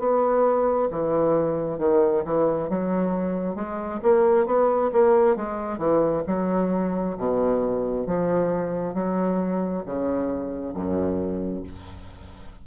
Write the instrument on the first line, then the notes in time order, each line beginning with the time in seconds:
bassoon
0.00 B3
0.91 E3
1.79 D#3
2.26 E3
2.70 F#3
3.56 G#3
4.03 A#3
4.47 B3
4.93 A#3
5.36 G#3
5.78 E3
6.27 F#3
7.18 B2
8.07 F3
8.94 F#3
9.86 C#3
10.74 F#2